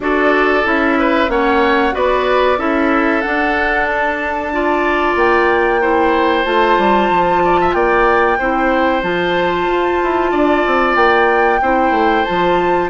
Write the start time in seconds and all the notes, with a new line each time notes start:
0.00 D4 F#4 A4 D5
0.64 C#4 E4 E5
0.99 B4
1.28 A#3 C#4 C#5 F#5
1.92 B3 F#4 B4 D5
2.58 C#4 E4 A4 E5
3.21 D4 F#5
3.86 A5
4.52 F4 D5
5.15 A#3 G5
5.81 E4 C5
6.44 A3 F4 A5
6.77 G3
7.10 F3
7.43 D5
7.60 E5
7.72 A#3 D5 G5
8.38 C4 E4 C5
9.02 F3 F4 A5
9.67 F4
10.03 E4
10.31 D4 D5
10.66 C4
10.95 A#3 G5
11.61 C4 E4 C5
11.91 A3
12.24 F3 F4 A5